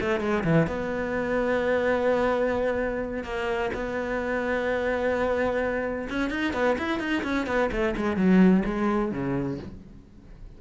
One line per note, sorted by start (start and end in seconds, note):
0.00 0.20 A3
0.20 0.43 G#3
0.43 0.67 E3
0.67 3.23 B3
3.23 3.70 A#3
3.74 6.08 B3
6.09 6.30 C#4
6.30 6.53 D#4
6.53 6.76 B3
6.78 6.99 E4
6.99 7.23 D#4
7.23 7.46 C#4
7.46 7.70 B3
7.71 7.95 A3
7.96 8.16 G#3
8.16 8.63 F#3
8.65 9.11 G#3
9.11 9.58 C#3